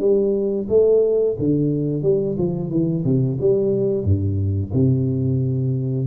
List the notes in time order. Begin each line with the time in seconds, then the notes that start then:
0.00 G3
0.69 A3
1.39 D3
2.03 G3
2.38 F3
2.71 E3
3.05 C3
3.41 G3
4.04 G2
4.74 C3